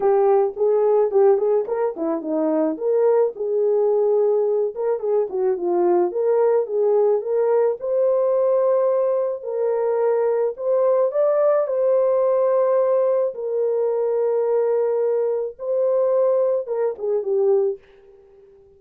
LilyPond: \new Staff \with { instrumentName = "horn" } { \time 4/4 \tempo 4 = 108 g'4 gis'4 g'8 gis'8 ais'8 e'8 | dis'4 ais'4 gis'2~ | gis'8 ais'8 gis'8 fis'8 f'4 ais'4 | gis'4 ais'4 c''2~ |
c''4 ais'2 c''4 | d''4 c''2. | ais'1 | c''2 ais'8 gis'8 g'4 | }